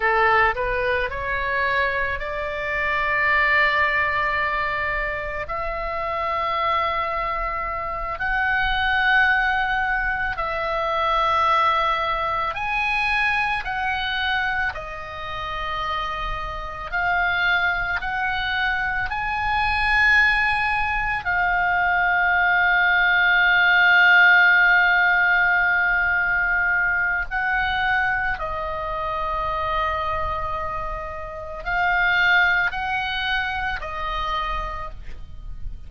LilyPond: \new Staff \with { instrumentName = "oboe" } { \time 4/4 \tempo 4 = 55 a'8 b'8 cis''4 d''2~ | d''4 e''2~ e''8 fis''8~ | fis''4. e''2 gis''8~ | gis''8 fis''4 dis''2 f''8~ |
f''8 fis''4 gis''2 f''8~ | f''1~ | f''4 fis''4 dis''2~ | dis''4 f''4 fis''4 dis''4 | }